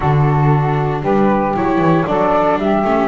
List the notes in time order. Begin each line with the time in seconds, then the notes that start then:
0.00 D3 D4 F#4 A4
1.01 G3 G4 B4
1.56 F#3 E4 C#5
1.78 E3
2.06 F#3 D4 A4 D5
2.57 G3 G4 E5
2.84 A3 C#4